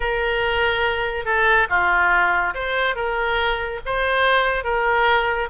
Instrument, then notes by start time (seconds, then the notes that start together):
oboe
0.00 A#4
1.25 A4
1.69 F4
2.54 C5
2.95 A#4
3.85 C5
4.64 A#4